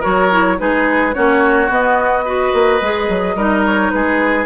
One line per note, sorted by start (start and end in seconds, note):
0.00 0.60 F#3
0.00 0.29 F#4
0.00 0.56 A#4
0.00 0.58 C#5
0.30 0.58 E4
0.58 1.15 G#3
0.58 1.13 D#4
0.58 1.14 G#4
0.58 1.14 B4
1.13 1.69 A#3
1.13 1.69 C#4
1.13 2.24 F#4
1.13 1.69 C#5
1.69 2.52 B3
1.69 2.25 B3
1.69 3.65 D#5
2.24 2.80 F#4
2.24 3.36 B4
2.53 2.81 A#3
2.81 3.08 G#3
2.81 3.37 G#4
3.08 3.35 F#3
3.35 3.91 G3
3.35 4.46 D#4
3.35 3.92 A#4
3.65 3.90 C#5
3.90 4.46 G#3
3.90 4.46 G#4
3.90 4.46 B4